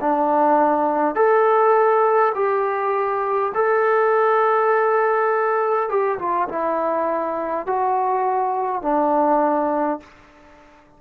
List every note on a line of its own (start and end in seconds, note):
0.00 1.15 D4
1.15 2.33 A4
2.34 3.52 G4
3.54 5.89 A4
5.89 6.18 G4
6.19 6.48 F4
6.49 7.66 E4
7.66 8.82 F#4
8.82 9.99 D4